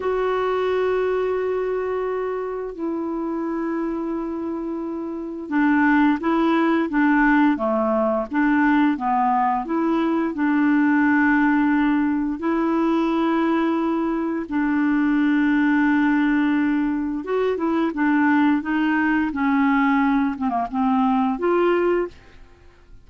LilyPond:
\new Staff \with { instrumentName = "clarinet" } { \time 4/4 \tempo 4 = 87 fis'1 | e'1 | d'4 e'4 d'4 a4 | d'4 b4 e'4 d'4~ |
d'2 e'2~ | e'4 d'2.~ | d'4 fis'8 e'8 d'4 dis'4 | cis'4. c'16 ais16 c'4 f'4 | }